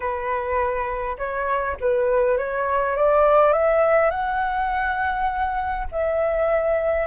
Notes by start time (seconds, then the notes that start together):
0.00 B4
1.18 C#5
1.80 B4
2.37 C#5
2.96 D5
3.52 E5
4.10 F#5
5.91 E5